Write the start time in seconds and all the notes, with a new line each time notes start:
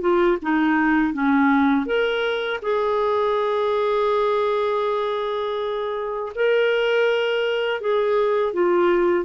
0.00 F4
0.41 D#4
1.13 C#4
1.86 A#4
2.62 G#4
6.35 A#4
7.80 G#4
8.53 F4